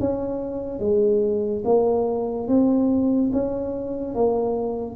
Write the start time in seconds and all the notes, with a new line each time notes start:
0.00 C#4
0.80 G#3
1.65 A#3
2.48 C4
3.33 C#4
4.15 A#3